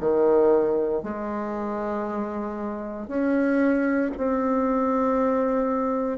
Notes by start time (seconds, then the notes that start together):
0.00 D#3
1.03 G#3
3.08 C#4
4.17 C4